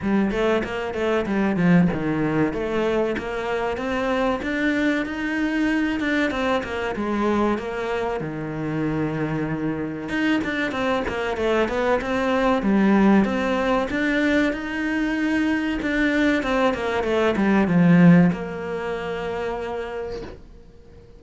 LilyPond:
\new Staff \with { instrumentName = "cello" } { \time 4/4 \tempo 4 = 95 g8 a8 ais8 a8 g8 f8 dis4 | a4 ais4 c'4 d'4 | dis'4. d'8 c'8 ais8 gis4 | ais4 dis2. |
dis'8 d'8 c'8 ais8 a8 b8 c'4 | g4 c'4 d'4 dis'4~ | dis'4 d'4 c'8 ais8 a8 g8 | f4 ais2. | }